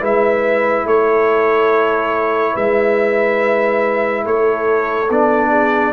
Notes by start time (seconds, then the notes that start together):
0.00 G#3 E4 B4 E5
0.86 A3 A4 C#5
2.54 G#3 B4 E5
4.26 A3 A4 C#5
5.10 B3 D4 D5
5.50 G#4